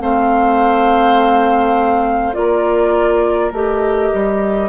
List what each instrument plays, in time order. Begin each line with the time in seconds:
0.00 bassoon A3, clarinet C4, oboe C5, flute F5
2.34 bassoon A#3, clarinet F4, oboe A#4, flute D5
3.52 bassoon A3, clarinet G4, flute D#5
4.13 bassoon G3